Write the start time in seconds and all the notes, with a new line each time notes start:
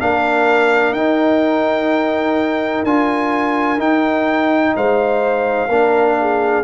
0.00 A#3 D4 A#4 F5
0.91 D#4 G5
2.84 D4 F4 G#5
3.78 D#4 G5
4.75 G#3 C5 F5
5.68 A#3 D4 A#4
6.20 G#4